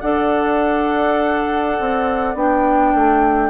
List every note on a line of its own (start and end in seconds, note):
0.00 1.78 D4
0.00 2.35 A4
0.00 3.50 D5
0.00 2.35 F#5
1.80 2.34 C4
2.34 2.93 B3
2.34 3.50 D4
2.34 3.50 G5
2.94 3.50 A3